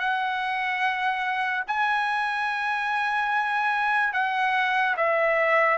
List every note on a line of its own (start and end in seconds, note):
0.00 1.64 F#5
1.67 4.14 G#5
4.14 4.96 F#5
4.97 5.78 E5